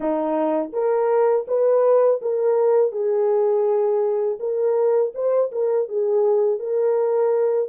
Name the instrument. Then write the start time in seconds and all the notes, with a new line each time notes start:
horn
0.00 D#4
0.73 A#4
1.47 B4
2.21 A#4
2.91 G#4
4.39 A#4
5.14 C5
5.51 A#4
5.88 G#4
6.59 A#4